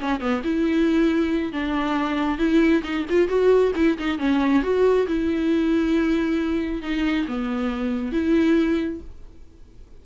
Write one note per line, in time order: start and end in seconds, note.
0.00 0.21 C#4
0.21 0.43 B3
0.44 1.53 E4
1.53 2.39 D4
2.39 2.83 E4
2.84 3.06 D#4
3.10 3.29 F4
3.29 3.73 F#4
3.76 3.98 E4
3.98 4.19 D#4
4.19 4.63 C#4
4.63 5.07 F#4
5.08 6.83 E4
6.83 7.27 D#4
7.28 8.13 B3
8.13 9.01 E4